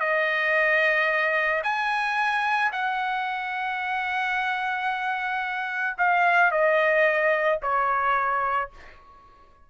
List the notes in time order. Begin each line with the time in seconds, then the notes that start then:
0.00 D#5
1.64 G#5
2.73 F#5
5.98 F5
6.52 D#5
7.63 C#5